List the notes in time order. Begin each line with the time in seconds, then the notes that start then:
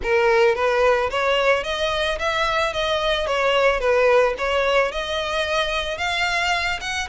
0.02 A#4
0.55 B4
1.10 C#5
1.63 D#5
2.18 E5
2.73 D#5
3.26 C#5
3.79 B4
4.38 C#5
4.91 D#5
5.97 F5
6.80 F#5